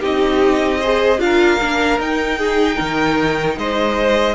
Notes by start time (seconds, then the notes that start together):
0.00 C4 D#4 G4 D#5
0.81 G#4 C5
1.18 D4 F4 F5
1.25 A#4
1.61 A#3 D4
1.99 D#4 G5
2.39 G#4
2.76 D#3 A#4
3.57 G#3 C5 D#5